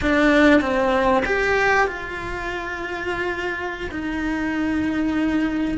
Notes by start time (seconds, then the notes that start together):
0.01 D4
0.61 C4
1.25 G4
1.87 F4
3.91 D#4